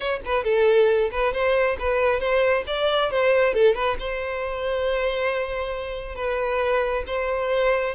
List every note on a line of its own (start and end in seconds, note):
0.00 0.20 C#5
0.25 0.44 B4
0.44 1.10 A4
1.11 1.33 B4
1.33 1.77 C5
1.79 2.20 B4
2.20 2.64 C5
2.67 3.11 D5
3.11 3.53 C5
3.53 3.75 A4
3.75 3.97 B4
3.99 6.15 C5
6.15 7.03 B4
7.06 7.94 C5